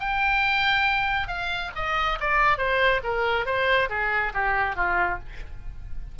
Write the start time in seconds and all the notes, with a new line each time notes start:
0.00 G5
1.28 F5
1.76 D#5
2.20 D5
2.58 C5
3.04 A#4
3.46 C5
3.89 G#4
4.34 G4
4.76 F4